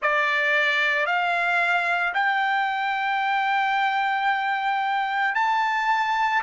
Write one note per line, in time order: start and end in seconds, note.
0.02 1.06 D5
1.06 2.13 F5
2.14 5.35 G5
5.35 6.42 A5